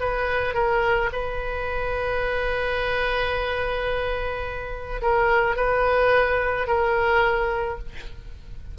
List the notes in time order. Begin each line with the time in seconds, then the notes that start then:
0.00 B4
0.54 A#4
1.12 B4
5.02 A#4
5.56 B4
6.67 A#4